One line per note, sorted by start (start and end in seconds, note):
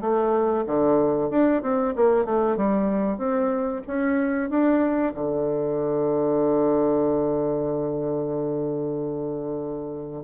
0.00 0.64 A3
0.66 1.30 D3
1.30 1.62 D4
1.62 1.94 C4
1.95 2.25 A#3
2.25 2.56 A3
2.56 3.17 G3
3.17 3.81 C4
3.87 4.49 C#4
4.49 5.13 D4
5.14 10.23 D3